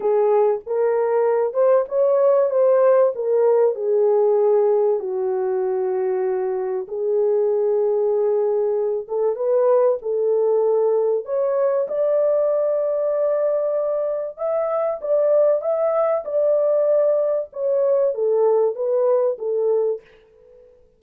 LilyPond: \new Staff \with { instrumentName = "horn" } { \time 4/4 \tempo 4 = 96 gis'4 ais'4. c''8 cis''4 | c''4 ais'4 gis'2 | fis'2. gis'4~ | gis'2~ gis'8 a'8 b'4 |
a'2 cis''4 d''4~ | d''2. e''4 | d''4 e''4 d''2 | cis''4 a'4 b'4 a'4 | }